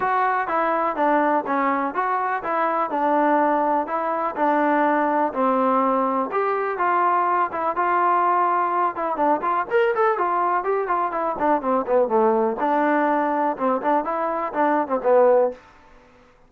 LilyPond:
\new Staff \with { instrumentName = "trombone" } { \time 4/4 \tempo 4 = 124 fis'4 e'4 d'4 cis'4 | fis'4 e'4 d'2 | e'4 d'2 c'4~ | c'4 g'4 f'4. e'8 |
f'2~ f'8 e'8 d'8 f'8 | ais'8 a'8 f'4 g'8 f'8 e'8 d'8 | c'8 b8 a4 d'2 | c'8 d'8 e'4 d'8. c'16 b4 | }